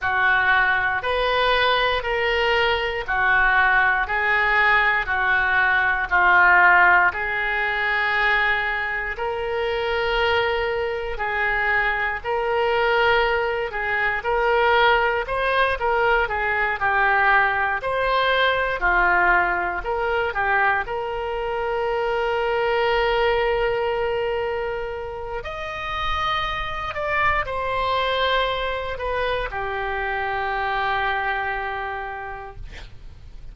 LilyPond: \new Staff \with { instrumentName = "oboe" } { \time 4/4 \tempo 4 = 59 fis'4 b'4 ais'4 fis'4 | gis'4 fis'4 f'4 gis'4~ | gis'4 ais'2 gis'4 | ais'4. gis'8 ais'4 c''8 ais'8 |
gis'8 g'4 c''4 f'4 ais'8 | g'8 ais'2.~ ais'8~ | ais'4 dis''4. d''8 c''4~ | c''8 b'8 g'2. | }